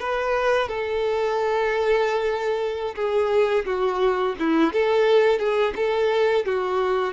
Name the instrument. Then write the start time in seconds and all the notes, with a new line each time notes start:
violin
0.00 B4
0.68 A4
2.96 G#4
3.66 F#4
4.40 E4
4.73 A4
5.39 G#4
5.76 A4
6.46 F#4